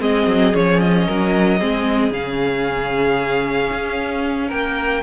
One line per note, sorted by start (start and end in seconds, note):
0.00 0.27 G#3
0.00 0.53 C4
0.00 1.07 G#4
0.00 0.55 D#5
0.27 0.53 F#3
0.53 1.08 F3
0.53 1.59 C#4
0.53 0.80 C#5
0.80 2.13 D#5
1.07 1.61 F#3
1.07 1.59 A#4
1.59 2.11 G#3
1.59 2.13 C4
1.59 4.48 G#4
2.11 3.70 C#3
2.11 5.03 C#4
2.11 4.50 F5
3.72 4.51 C#4
4.48 5.03 A#3
4.48 5.01 A#4
4.48 5.03 G5